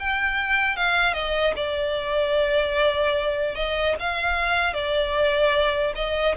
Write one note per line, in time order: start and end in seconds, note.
0.00 0.77 G5
0.77 1.14 F5
1.14 1.54 D#5
1.56 3.56 D5
3.56 3.96 D#5
4.00 4.74 F5
4.74 5.94 D5
5.95 6.35 D#5